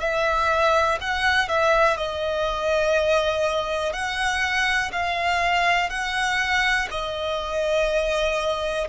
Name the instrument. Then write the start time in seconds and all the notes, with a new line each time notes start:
violin
0.00 E5
1.01 F#5
1.48 E5
1.97 D#5
3.93 F#5
4.92 F5
5.90 F#5
6.91 D#5